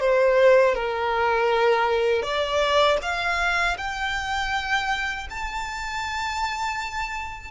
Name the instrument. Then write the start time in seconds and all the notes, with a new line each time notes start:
violin
0.00 C5
0.75 A#4
2.22 D5
3.02 F5
3.78 G5
5.30 A5